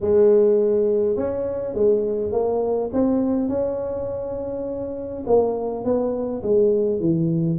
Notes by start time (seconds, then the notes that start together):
0.01 G#3
1.16 C#4
1.74 G#3
2.32 A#3
2.92 C4
3.48 C#4
5.26 A#3
5.84 B3
6.42 G#3
7.00 E3